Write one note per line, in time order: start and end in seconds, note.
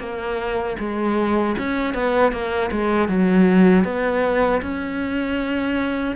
0.00 0.77 A#3
0.80 1.57 G#3
1.59 1.94 C#4
1.94 2.33 B3
2.33 2.71 A#3
2.72 3.09 G#3
3.09 3.85 F#3
3.85 4.62 B3
4.63 6.16 C#4